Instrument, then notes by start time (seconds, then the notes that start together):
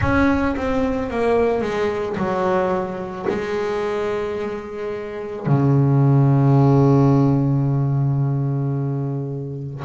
double bass
0.00 C#4
0.56 C4
1.10 A#3
1.61 G#3
2.16 F#3
3.28 G#3
5.46 C#3